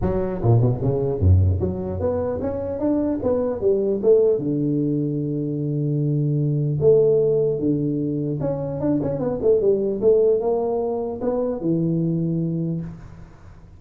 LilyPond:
\new Staff \with { instrumentName = "tuba" } { \time 4/4 \tempo 4 = 150 fis4 ais,8 b,8 cis4 fis,4 | fis4 b4 cis'4 d'4 | b4 g4 a4 d4~ | d1~ |
d4 a2 d4~ | d4 cis'4 d'8 cis'8 b8 a8 | g4 a4 ais2 | b4 e2. | }